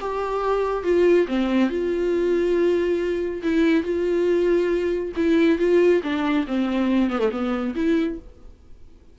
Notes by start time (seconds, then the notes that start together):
0.00 G4
0.83 F4
1.27 C4
1.69 F4
3.43 E4
3.83 F4
5.16 E4
5.58 F4
6.03 D4
6.47 C4
7.10 B3
7.19 A3
7.31 B3
7.75 E4